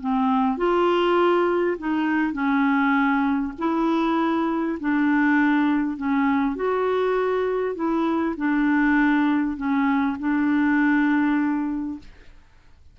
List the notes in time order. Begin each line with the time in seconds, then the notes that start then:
0.00 C4
0.57 F4
1.78 D#4
2.33 C#4
3.58 E4
4.80 D4
5.96 C#4
6.56 F#4
7.75 E4
8.36 D4
9.56 C#4
10.19 D4